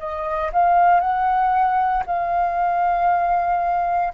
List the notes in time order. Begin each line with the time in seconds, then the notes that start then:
0.00 D#5
0.53 F5
1.01 F#5
2.07 F5